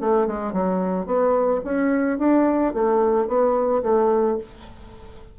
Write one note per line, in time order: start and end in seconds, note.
0.00 0.27 A3
0.27 0.52 G#3
0.52 1.06 F#3
1.06 1.61 B3
1.64 2.18 C#4
2.18 2.73 D4
2.73 3.27 A3
3.27 3.82 B3
3.83 4.38 A3